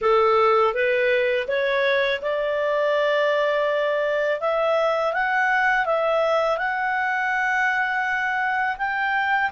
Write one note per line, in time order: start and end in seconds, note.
0.01 0.74 A4
0.74 1.47 B4
1.47 2.20 C#5
2.22 4.40 D5
4.40 5.13 E5
5.13 5.85 F#5
5.85 6.57 E5
6.57 8.76 F#5
8.77 9.50 G5